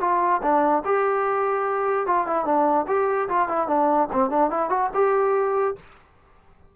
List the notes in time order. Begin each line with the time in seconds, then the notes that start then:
0.00 F4
0.42 D4
0.84 G4
2.06 F4
2.26 E4
2.45 D4
2.87 G4
3.29 F4
3.48 E4
3.67 D4
4.12 C4
4.30 D4
4.50 E4
4.69 F#4
4.94 G4